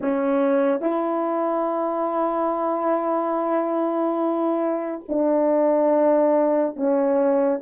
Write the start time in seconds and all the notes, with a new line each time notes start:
0.00 C#4
0.80 E4
5.08 D4
6.76 C#4